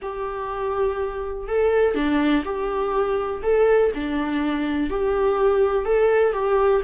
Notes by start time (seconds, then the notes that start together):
0.02 G4
1.48 A4
1.94 D4
2.44 G4
3.43 A4
3.94 D4
4.89 G4
5.85 A4
6.32 G4